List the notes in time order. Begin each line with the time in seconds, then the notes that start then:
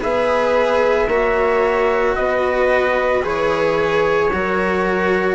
0.00 B3 G#4 B4 E5
1.08 A#3 F#4 C#5
2.15 B3 B4 D#5
3.23 E3 G#4 C#5
4.33 F#3 F#4 A#4